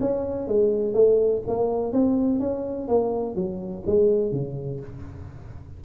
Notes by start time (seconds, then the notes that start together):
0.00 C#4
0.48 G#3
0.94 A3
1.48 A#3
1.93 C4
2.40 C#4
2.88 A#3
3.35 F#3
3.87 G#3
4.32 C#3